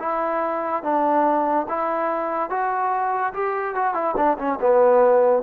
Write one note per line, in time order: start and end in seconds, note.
0.00 0.83 E4
0.83 1.67 D4
1.69 2.50 E4
2.50 3.34 F#4
3.34 3.75 G4
3.75 3.95 F#4
3.95 4.16 E4
4.17 4.38 D4
4.39 4.59 C#4
4.61 5.43 B3